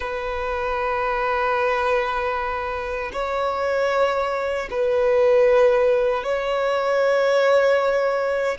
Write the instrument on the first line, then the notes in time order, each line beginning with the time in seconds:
violin
0.00 B4
3.12 C#5
4.70 B4
6.23 C#5